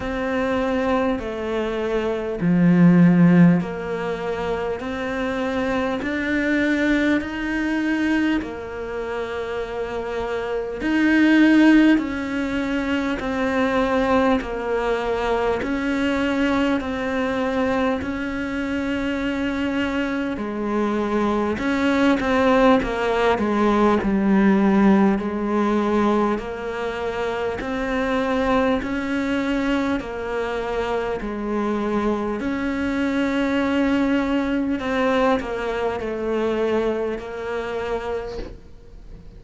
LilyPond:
\new Staff \with { instrumentName = "cello" } { \time 4/4 \tempo 4 = 50 c'4 a4 f4 ais4 | c'4 d'4 dis'4 ais4~ | ais4 dis'4 cis'4 c'4 | ais4 cis'4 c'4 cis'4~ |
cis'4 gis4 cis'8 c'8 ais8 gis8 | g4 gis4 ais4 c'4 | cis'4 ais4 gis4 cis'4~ | cis'4 c'8 ais8 a4 ais4 | }